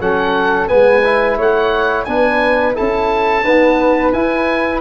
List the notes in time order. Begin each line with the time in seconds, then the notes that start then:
0.00 F#3 C#4 A4 F#5
0.68 G#3 B3 B4 G#5
1.04 E4
1.37 A3 C#5 F#5
2.05 B3 D4 B4 G#5
2.74 E4 A4 A5
2.80 C#4
3.43 B3 D#4 B4
4.13 E4 G#5